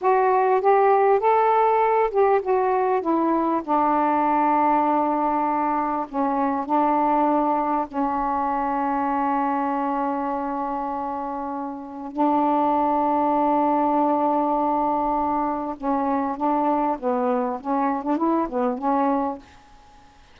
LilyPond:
\new Staff \with { instrumentName = "saxophone" } { \time 4/4 \tempo 4 = 99 fis'4 g'4 a'4. g'8 | fis'4 e'4 d'2~ | d'2 cis'4 d'4~ | d'4 cis'2.~ |
cis'1 | d'1~ | d'2 cis'4 d'4 | b4 cis'8. d'16 e'8 b8 cis'4 | }